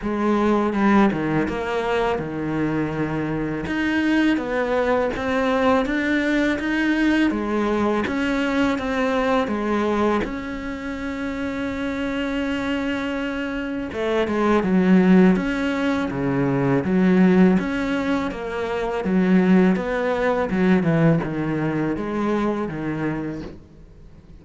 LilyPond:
\new Staff \with { instrumentName = "cello" } { \time 4/4 \tempo 4 = 82 gis4 g8 dis8 ais4 dis4~ | dis4 dis'4 b4 c'4 | d'4 dis'4 gis4 cis'4 | c'4 gis4 cis'2~ |
cis'2. a8 gis8 | fis4 cis'4 cis4 fis4 | cis'4 ais4 fis4 b4 | fis8 e8 dis4 gis4 dis4 | }